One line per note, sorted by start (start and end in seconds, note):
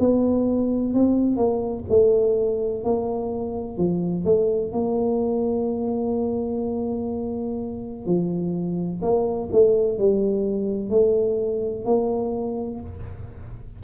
0.00 0.94 B3
0.94 1.37 C4
1.37 1.85 A#3
1.90 2.84 A3
2.84 3.78 A#3
3.78 4.25 F3
4.25 4.73 A3
4.73 8.06 A#3
8.06 9.01 F3
9.02 9.50 A#3
9.53 9.99 A3
9.99 10.90 G3
10.90 11.86 A3
11.86 12.81 A#3